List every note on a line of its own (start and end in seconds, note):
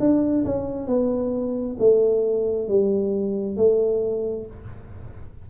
0.00 0.45 D4
0.45 0.88 C#4
0.88 1.77 B3
1.79 2.68 A3
2.68 3.57 G3
3.57 4.47 A3